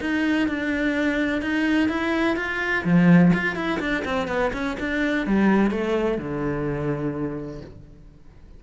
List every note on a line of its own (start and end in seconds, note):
0.00 0.48 D#4
0.48 1.41 D4
1.41 1.88 D#4
1.88 2.36 E4
2.36 2.84 F4
2.84 3.32 F3
3.33 3.55 F4
3.55 3.79 E4
3.80 4.03 D4
4.05 4.27 C4
4.27 4.51 B3
4.53 4.77 C#4
4.79 5.26 D4
5.26 5.70 G3
5.70 6.18 A3
6.18 7.61 D3